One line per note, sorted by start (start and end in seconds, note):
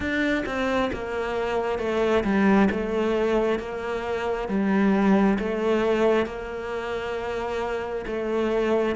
0.00 0.44 D4
0.46 0.90 C4
0.92 1.79 A#3
1.79 2.23 A3
2.23 2.68 G3
2.70 3.59 A3
3.59 4.48 A#3
4.48 5.38 G3
5.38 6.26 A3
6.26 8.05 A#3
8.06 8.96 A3